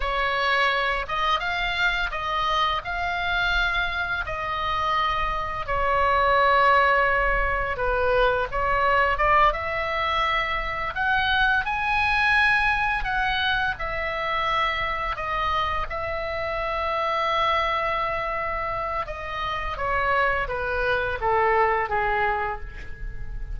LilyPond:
\new Staff \with { instrumentName = "oboe" } { \time 4/4 \tempo 4 = 85 cis''4. dis''8 f''4 dis''4 | f''2 dis''2 | cis''2. b'4 | cis''4 d''8 e''2 fis''8~ |
fis''8 gis''2 fis''4 e''8~ | e''4. dis''4 e''4.~ | e''2. dis''4 | cis''4 b'4 a'4 gis'4 | }